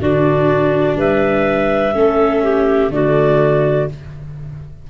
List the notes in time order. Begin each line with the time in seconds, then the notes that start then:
0.00 D3 D4 F#4 D5
0.96 G3 B4 E5
1.93 A3 C#4 A4
2.43 G4
2.89 D3 A3 F#4 D5